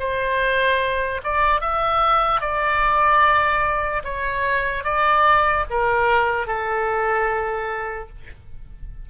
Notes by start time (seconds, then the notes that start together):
0.00 C5
1.24 D5
1.61 E5
2.41 D5
4.04 C#5
4.84 D5
5.70 A#4
6.47 A4